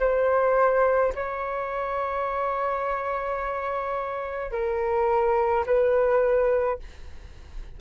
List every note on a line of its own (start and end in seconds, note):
0.00 1.13 C5
1.15 4.52 C#5
4.52 5.65 A#4
5.66 6.79 B4